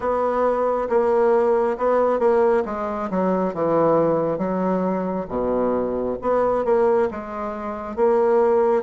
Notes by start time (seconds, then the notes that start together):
0.00 B3
0.89 A#3
1.77 B3
2.19 A#3
2.65 G#3
3.10 F#3
3.53 E3
4.38 F#3
5.28 B2
6.21 B3
6.64 A#3
7.10 G#3
7.95 A#3